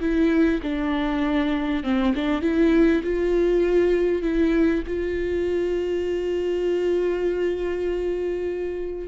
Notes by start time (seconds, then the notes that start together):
0.00 E4
0.62 D4
1.83 C4
2.15 D4
2.41 E4
3.03 F4
4.22 E4
4.87 F4